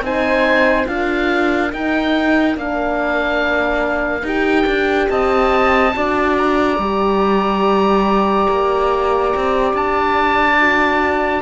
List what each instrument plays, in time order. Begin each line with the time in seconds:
0.00 cello C4, horn D#4, flute C5, oboe G#5
0.85 cello D4, horn F4, flute A#4, oboe F5
1.71 horn D#4, cello D#4, oboe G5
2.53 cello A#3, horn D4, oboe F5
4.22 cello D#4, horn G4, oboe G5
4.66 cello D4
5.09 cello C4, flute D#5, oboe A5
5.93 cello D4, horn F#4, flute D5
6.37 oboe A#5
6.78 cello G3, horn G4
8.49 cello A#3
9.35 cello C4
9.73 cello D4, oboe A5
10.59 horn F#4